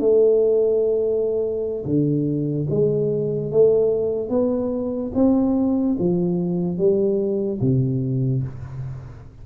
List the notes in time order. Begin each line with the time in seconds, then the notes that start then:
0.00 A3
1.85 D3
2.70 G#3
3.52 A3
4.30 B3
5.15 C4
5.99 F3
6.78 G3
7.61 C3